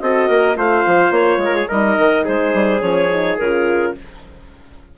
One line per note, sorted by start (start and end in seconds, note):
0.00 0.29 C4
0.00 0.55 F#4
0.00 0.28 A4
0.00 0.56 D#5
0.28 0.56 A#3
0.28 0.56 A#4
0.55 0.84 A3
0.55 1.67 F4
0.55 1.41 C5
0.55 1.12 F5
0.86 1.10 F3
1.10 1.37 A#3
1.10 1.68 C#5
1.37 1.65 G#3
1.45 1.55 A#4
1.55 1.68 G#4
1.68 1.97 G3
1.68 2.80 D#4
1.68 2.24 A#4
1.68 2.25 D#5
1.97 2.25 D#3
2.24 2.53 G#3
2.24 3.93 G#4
2.24 2.81 C5
2.53 2.81 G3
2.80 3.37 F3
2.80 3.08 C#4
2.80 3.37 C#5
3.11 3.39 D#4
3.38 3.95 C#3
3.38 3.97 F4
3.38 3.94 A#4